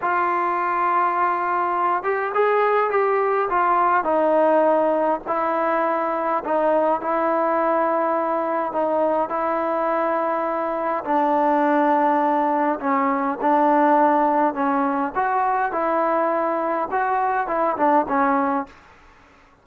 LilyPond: \new Staff \with { instrumentName = "trombone" } { \time 4/4 \tempo 4 = 103 f'2.~ f'8 g'8 | gis'4 g'4 f'4 dis'4~ | dis'4 e'2 dis'4 | e'2. dis'4 |
e'2. d'4~ | d'2 cis'4 d'4~ | d'4 cis'4 fis'4 e'4~ | e'4 fis'4 e'8 d'8 cis'4 | }